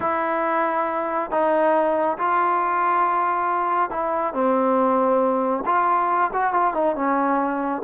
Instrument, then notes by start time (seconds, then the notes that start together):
trombone
0.00 E4
1.30 D#4
2.18 F4
3.90 E4
4.33 C4
5.65 F4
6.33 F#4
6.53 F4
6.74 D#4
6.95 C#4